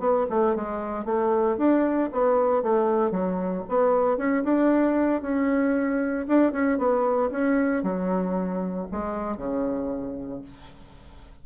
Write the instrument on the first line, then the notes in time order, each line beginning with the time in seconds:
bassoon
0.00 B3
0.30 A3
0.56 G#3
1.06 A3
1.58 D4
2.13 B3
2.63 A3
3.12 F#3
3.69 B3
4.18 C#4
4.44 D4
5.22 C#4
6.28 D4
6.53 C#4
6.78 B3
7.32 C#4
7.83 F#3
8.92 G#3
9.37 C#3